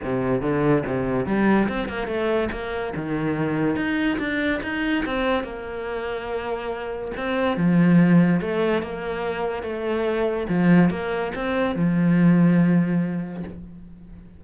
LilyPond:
\new Staff \with { instrumentName = "cello" } { \time 4/4 \tempo 4 = 143 c4 d4 c4 g4 | c'8 ais8 a4 ais4 dis4~ | dis4 dis'4 d'4 dis'4 | c'4 ais2.~ |
ais4 c'4 f2 | a4 ais2 a4~ | a4 f4 ais4 c'4 | f1 | }